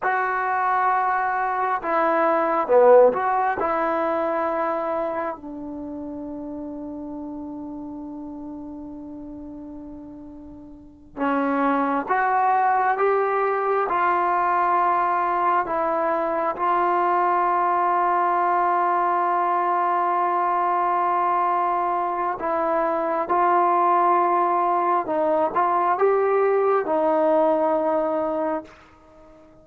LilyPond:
\new Staff \with { instrumentName = "trombone" } { \time 4/4 \tempo 4 = 67 fis'2 e'4 b8 fis'8 | e'2 d'2~ | d'1~ | d'8 cis'4 fis'4 g'4 f'8~ |
f'4. e'4 f'4.~ | f'1~ | f'4 e'4 f'2 | dis'8 f'8 g'4 dis'2 | }